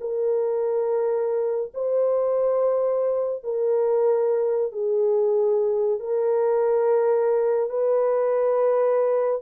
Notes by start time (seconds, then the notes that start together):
0.00 A#4
1.74 C5
3.43 A#4
4.72 G#4
5.99 A#4
7.69 B4